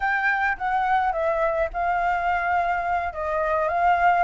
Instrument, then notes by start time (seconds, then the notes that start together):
flute
0.00 G5
0.57 F#5
1.12 E5
1.73 F5
3.13 D#5
3.68 F5